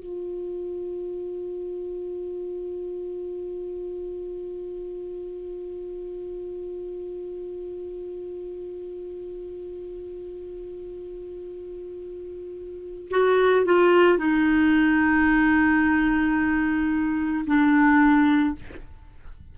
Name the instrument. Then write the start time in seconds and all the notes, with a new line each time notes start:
clarinet
0.00 F4
13.11 F#4
13.65 F4
14.18 D#4
17.46 D4